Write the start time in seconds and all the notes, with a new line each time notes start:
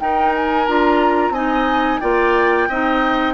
0.00 D#4 A#4 G5
0.35 G#5
0.67 D4 F4 A#5
1.31 C4 D#4 D#5 G#5
2.01 A#3 F4 D5 G5
2.69 C4 D#4 D#5